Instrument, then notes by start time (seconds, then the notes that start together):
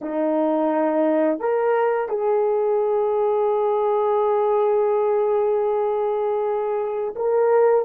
horn
0.01 D#4
1.39 A#4
2.09 G#4
7.15 A#4